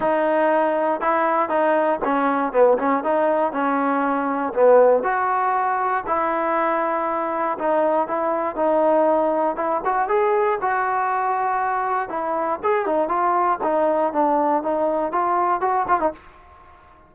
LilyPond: \new Staff \with { instrumentName = "trombone" } { \time 4/4 \tempo 4 = 119 dis'2 e'4 dis'4 | cis'4 b8 cis'8 dis'4 cis'4~ | cis'4 b4 fis'2 | e'2. dis'4 |
e'4 dis'2 e'8 fis'8 | gis'4 fis'2. | e'4 gis'8 dis'8 f'4 dis'4 | d'4 dis'4 f'4 fis'8 f'16 dis'16 | }